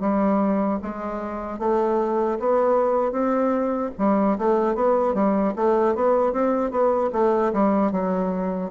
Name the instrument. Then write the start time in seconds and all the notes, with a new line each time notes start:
bassoon
0.00 G3
0.82 G#3
1.59 A3
2.39 B3
3.11 C4
3.98 G3
4.38 A3
4.74 B3
5.14 G3
5.56 A3
5.95 B3
6.32 C4
6.70 B3
7.12 A3
7.53 G3
7.92 F#3